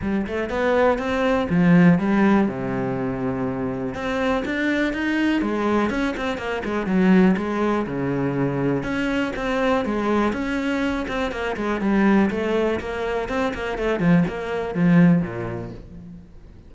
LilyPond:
\new Staff \with { instrumentName = "cello" } { \time 4/4 \tempo 4 = 122 g8 a8 b4 c'4 f4 | g4 c2. | c'4 d'4 dis'4 gis4 | cis'8 c'8 ais8 gis8 fis4 gis4 |
cis2 cis'4 c'4 | gis4 cis'4. c'8 ais8 gis8 | g4 a4 ais4 c'8 ais8 | a8 f8 ais4 f4 ais,4 | }